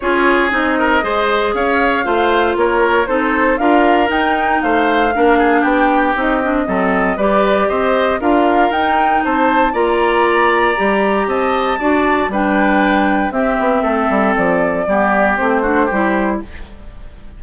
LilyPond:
<<
  \new Staff \with { instrumentName = "flute" } { \time 4/4 \tempo 4 = 117 cis''4 dis''2 f''4~ | f''4 cis''4 c''4 f''4 | g''4 f''2 g''4 | dis''2 d''4 dis''4 |
f''4 g''4 a''4 ais''4~ | ais''2 a''2 | g''2 e''2 | d''2 c''2 | }
  \new Staff \with { instrumentName = "oboe" } { \time 4/4 gis'4. ais'8 c''4 cis''4 | c''4 ais'4 a'4 ais'4~ | ais'4 c''4 ais'8 gis'8 g'4~ | g'4 a'4 b'4 c''4 |
ais'2 c''4 d''4~ | d''2 dis''4 d''4 | b'2 g'4 a'4~ | a'4 g'4. fis'8 g'4 | }
  \new Staff \with { instrumentName = "clarinet" } { \time 4/4 f'4 dis'4 gis'2 | f'2 dis'4 f'4 | dis'2 d'2 | dis'8 d'8 c'4 g'2 |
f'4 dis'2 f'4~ | f'4 g'2 fis'4 | d'2 c'2~ | c'4 b4 c'8 d'8 e'4 | }
  \new Staff \with { instrumentName = "bassoon" } { \time 4/4 cis'4 c'4 gis4 cis'4 | a4 ais4 c'4 d'4 | dis'4 a4 ais4 b4 | c'4 fis4 g4 c'4 |
d'4 dis'4 c'4 ais4~ | ais4 g4 c'4 d'4 | g2 c'8 b8 a8 g8 | f4 g4 a4 g4 | }
>>